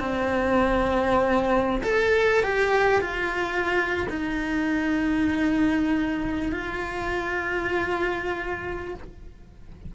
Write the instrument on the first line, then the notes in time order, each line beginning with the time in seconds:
cello
0.00 C4
1.83 A4
2.44 G4
3.02 F4
4.10 D#4
6.53 F4